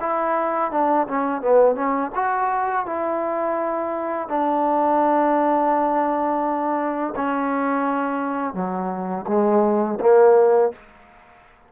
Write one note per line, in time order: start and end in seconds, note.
0.00 0.71 E4
0.71 1.07 D4
1.07 1.41 C#4
1.41 1.75 B3
1.75 2.11 C#4
2.15 2.86 F#4
2.86 4.29 E4
4.29 7.14 D4
7.16 8.54 C#4
8.54 9.25 F#3
9.28 9.99 G#3
10.01 10.72 A#3